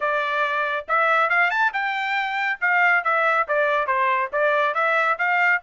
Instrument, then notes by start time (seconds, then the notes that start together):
trumpet
0.00 D5
0.88 E5
1.29 F5
1.50 A5
1.73 G5
2.60 F5
3.03 E5
3.48 D5
3.87 C5
4.32 D5
4.74 E5
5.18 F5